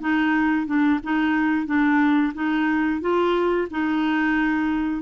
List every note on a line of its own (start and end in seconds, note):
0.00 0.66 D#4
0.66 1.00 D4
1.03 1.66 D#4
1.66 2.33 D4
2.34 3.01 D#4
3.01 3.68 F4
3.70 5.02 D#4